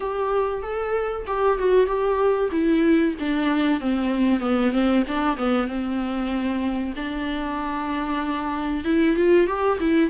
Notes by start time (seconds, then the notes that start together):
0.00 G4
0.62 A4
1.27 G4
1.58 F#4
1.86 G4
2.51 E4
3.19 D4
3.80 C4
4.40 B3
4.71 C4
5.07 D4
5.36 B3
5.67 C4
6.96 D4
8.84 E4
9.16 F4
9.47 G4
9.80 E4